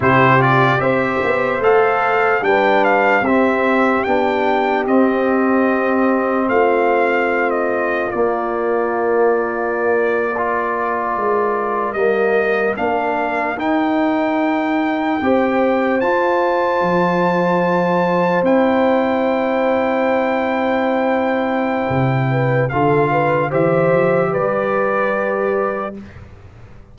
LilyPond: <<
  \new Staff \with { instrumentName = "trumpet" } { \time 4/4 \tempo 4 = 74 c''8 d''8 e''4 f''4 g''8 f''8 | e''4 g''4 dis''2 | f''4~ f''16 dis''8. d''2~ | d''2~ d''8. dis''4 f''16~ |
f''8. g''2. a''16~ | a''2~ a''8. g''4~ g''16~ | g''1 | f''4 e''4 d''2 | }
  \new Staff \with { instrumentName = "horn" } { \time 4/4 g'4 c''2 b'4 | g'1 | f'1~ | f'8. ais'2.~ ais'16~ |
ais'2~ ais'8. c''4~ c''16~ | c''1~ | c''2.~ c''8 b'8 | a'8 b'8 c''4 b'2 | }
  \new Staff \with { instrumentName = "trombone" } { \time 4/4 e'8 f'8 g'4 a'4 d'4 | c'4 d'4 c'2~ | c'2 ais2~ | ais8. f'2 ais4 d'16~ |
d'8. dis'2 g'4 f'16~ | f'2~ f'8. e'4~ e'16~ | e'1 | f'4 g'2. | }
  \new Staff \with { instrumentName = "tuba" } { \time 4/4 c4 c'8 b8 a4 g4 | c'4 b4 c'2 | a2 ais2~ | ais4.~ ais16 gis4 g4 ais16~ |
ais8. dis'2 c'4 f'16~ | f'8. f2 c'4~ c'16~ | c'2. c4 | d4 e8 f8 g2 | }
>>